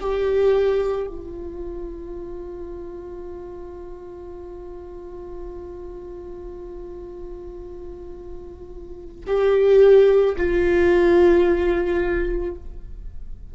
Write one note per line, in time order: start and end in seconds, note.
0.00 1.07 G4
1.07 9.25 F4
9.26 10.35 G4
10.36 12.55 F4